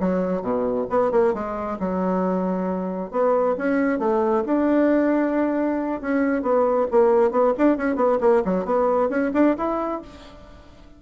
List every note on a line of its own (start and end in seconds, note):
0.00 0.42 F#3
0.42 0.86 B2
0.90 1.12 B3
1.12 1.34 A#3
1.34 1.78 G#3
1.80 3.11 F#3
3.11 3.56 B3
3.58 3.99 C#4
3.99 4.44 A3
4.46 6.01 D4
6.01 6.42 C#4
6.42 6.87 B3
6.91 7.31 A#3
7.31 7.53 B3
7.58 7.78 D4
7.78 7.96 C#4
7.96 8.18 B3
8.21 8.43 A#3
8.45 8.65 F#3
8.65 9.09 B3
9.09 9.32 C#4
9.34 9.56 D4
9.58 10.02 E4